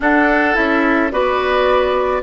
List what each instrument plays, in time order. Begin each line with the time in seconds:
0.00 clarinet D4, bassoon D4, oboe A4, flute F#5
0.54 bassoon C#4, clarinet E4, flute E5
1.11 bassoon B3, clarinet F#4, oboe B4, flute D5